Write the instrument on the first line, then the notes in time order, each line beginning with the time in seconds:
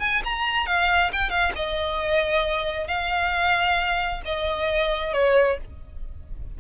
violin
0.00 G#5
0.24 A#5
0.66 F5
1.13 G5
1.30 F5
1.56 D#5
2.88 F5
4.25 D#5
5.13 C#5